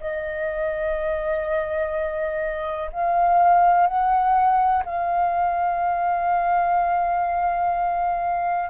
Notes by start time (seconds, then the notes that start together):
0.00 D#5
2.93 F5
3.87 F#5
4.85 F5